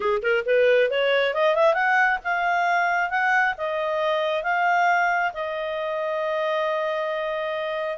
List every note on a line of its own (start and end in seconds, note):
0.00 0.22 G#4
0.22 0.44 A#4
0.45 0.90 B4
0.90 1.34 C#5
1.34 1.55 D#5
1.55 1.74 E5
1.74 2.18 F#5
2.23 3.09 F5
3.09 3.54 F#5
3.57 4.43 D#5
4.43 5.32 F5
5.33 7.98 D#5